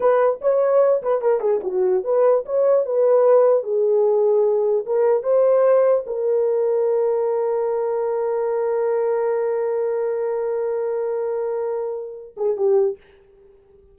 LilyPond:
\new Staff \with { instrumentName = "horn" } { \time 4/4 \tempo 4 = 148 b'4 cis''4. b'8 ais'8 gis'8 | fis'4 b'4 cis''4 b'4~ | b'4 gis'2. | ais'4 c''2 ais'4~ |
ais'1~ | ais'1~ | ais'1~ | ais'2~ ais'8 gis'8 g'4 | }